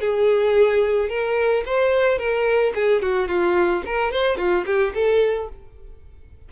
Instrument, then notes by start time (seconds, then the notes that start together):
violin
0.00 G#4
1.09 A#4
1.65 C5
2.18 A#4
2.74 G#4
3.01 F#4
3.28 F4
3.85 A#4
4.11 C5
4.37 F4
4.66 G4
4.94 A4